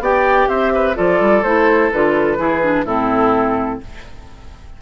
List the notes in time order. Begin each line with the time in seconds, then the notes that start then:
0.00 B3 G4 D5 G5
0.49 C4 C5 E5
0.75 B4
0.95 F3 F4 A4 D5
1.21 G3
1.43 A3 E4 C5
1.92 D3 F4 B4
2.38 E3 E4 G#4
2.62 D4
2.85 A2 C4 E4 A4